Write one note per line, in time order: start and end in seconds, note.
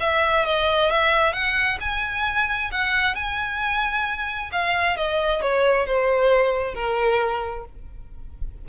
0.00 0.45 E5
0.45 0.90 D#5
0.90 1.33 E5
1.33 1.78 F#5
1.80 2.71 G#5
2.71 3.15 F#5
3.15 4.50 G#5
4.52 4.97 F5
4.97 5.42 D#5
5.42 5.86 C#5
5.86 6.74 C5
6.74 7.65 A#4